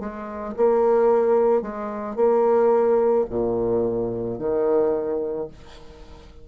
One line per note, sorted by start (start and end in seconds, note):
0.00 0.55 G#3
0.57 1.62 A#3
1.62 2.16 G#3
2.16 3.25 A#3
3.30 4.39 A#2
4.39 5.48 D#3